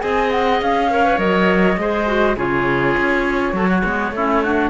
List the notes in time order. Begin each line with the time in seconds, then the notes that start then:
0.00 C4 G#4 D#5 G#5
0.31 F#5
0.61 C#4 F5
0.90 A#4 C#5
1.04 B4
1.18 F#3 A#4 D#5
1.77 G#3 G#4 C5
2.06 F#4
2.36 C#3 F4 G#4 C#5
2.97 C#4
3.53 F#3 F#4 A4
3.68 F#4
3.83 G#3 B3
4.11 A3 C#4 E4
4.43 D4 F#4